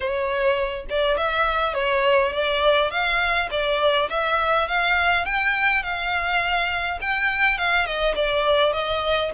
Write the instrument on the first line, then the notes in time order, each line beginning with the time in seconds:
violin
0.00 C#5
0.89 D5
1.17 E5
1.74 C#5
2.32 D5
2.90 F5
3.50 D5
4.09 E5
4.68 F5
5.25 G5
5.83 F5
7.01 G5
7.57 F5
7.85 D#5
8.15 D5
8.72 D#5